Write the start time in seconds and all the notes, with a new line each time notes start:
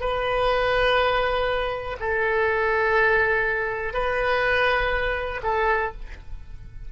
0.00 B4
1.99 A4
3.93 B4
5.43 A4